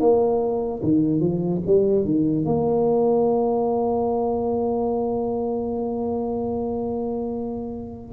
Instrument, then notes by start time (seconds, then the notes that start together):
tuba
0.00 A#3
0.83 D#3
1.20 F3
1.66 G3
2.05 D#3
2.45 A#3